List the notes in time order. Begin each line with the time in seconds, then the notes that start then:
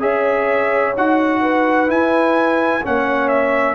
0.00 C#4 G#4 C#5 E5
0.97 D#4 F#4 F#5
1.41 B4
1.87 E4 G#5
2.84 A#3 C#4 C#5 F#5
3.29 E5